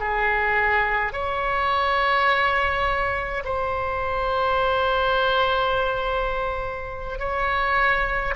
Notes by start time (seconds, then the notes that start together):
0.00 G#4
1.13 C#5
3.45 C5
7.20 C#5